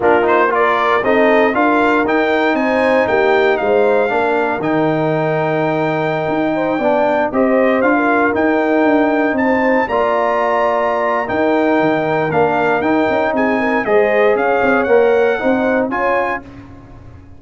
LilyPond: <<
  \new Staff \with { instrumentName = "trumpet" } { \time 4/4 \tempo 4 = 117 ais'8 c''8 d''4 dis''4 f''4 | g''4 gis''4 g''4 f''4~ | f''4 g''2.~ | g''2~ g''16 dis''4 f''8.~ |
f''16 g''2 a''4 ais''8.~ | ais''2 g''2 | f''4 g''4 gis''4 dis''4 | f''4 fis''2 gis''4 | }
  \new Staff \with { instrumentName = "horn" } { \time 4/4 f'4 ais'4 a'4 ais'4~ | ais'4 c''4 g'4 c''4 | ais'1~ | ais'8. c''8 d''4 c''4~ c''16 ais'8~ |
ais'2~ ais'16 c''4 d''8.~ | d''2 ais'2~ | ais'2 gis'8 ais'8 c''4 | cis''2 c''4 cis''4 | }
  \new Staff \with { instrumentName = "trombone" } { \time 4/4 d'8 dis'8 f'4 dis'4 f'4 | dis'1 | d'4 dis'2.~ | dis'4~ dis'16 d'4 g'4 f'8.~ |
f'16 dis'2. f'8.~ | f'2 dis'2 | d'4 dis'2 gis'4~ | gis'4 ais'4 dis'4 f'4 | }
  \new Staff \with { instrumentName = "tuba" } { \time 4/4 ais2 c'4 d'4 | dis'4 c'4 ais4 gis4 | ais4 dis2.~ | dis16 dis'4 b4 c'4 d'8.~ |
d'16 dis'4 d'4 c'4 ais8.~ | ais2 dis'4 dis4 | ais4 dis'8 cis'8 c'4 gis4 | cis'8 c'8 ais4 c'4 cis'4 | }
>>